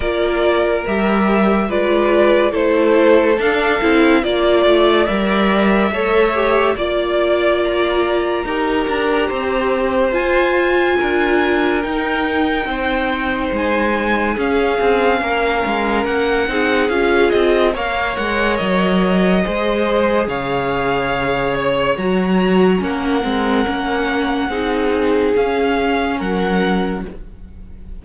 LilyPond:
<<
  \new Staff \with { instrumentName = "violin" } { \time 4/4 \tempo 4 = 71 d''4 e''4 d''4 c''4 | f''4 d''4 e''2 | d''4 ais''2. | gis''2 g''2 |
gis''4 f''2 fis''4 | f''8 dis''8 f''8 fis''8 dis''2 | f''4. cis''8 ais''4 fis''4~ | fis''2 f''4 fis''4 | }
  \new Staff \with { instrumentName = "violin" } { \time 4/4 ais'2 b'4 a'4~ | a'4 d''2 cis''4 | d''2 ais'4 c''4~ | c''4 ais'2 c''4~ |
c''4 gis'4 ais'4. gis'8~ | gis'4 cis''2 c''4 | cis''2. ais'4~ | ais'4 gis'2 ais'4 | }
  \new Staff \with { instrumentName = "viola" } { \time 4/4 f'4 g'4 f'4 e'4 | d'8 e'8 f'4 ais'4 a'8 g'8 | f'2 g'2 | f'2 dis'2~ |
dis'4 cis'2~ cis'8 dis'8 | f'4 ais'2 gis'4~ | gis'2 fis'4 cis'8 c'8 | cis'4 dis'4 cis'2 | }
  \new Staff \with { instrumentName = "cello" } { \time 4/4 ais4 g4 gis4 a4 | d'8 c'8 ais8 a8 g4 a4 | ais2 dis'8 d'8 c'4 | f'4 d'4 dis'4 c'4 |
gis4 cis'8 c'8 ais8 gis8 ais8 c'8 | cis'8 c'8 ais8 gis8 fis4 gis4 | cis2 fis4 ais8 gis8 | ais4 c'4 cis'4 fis4 | }
>>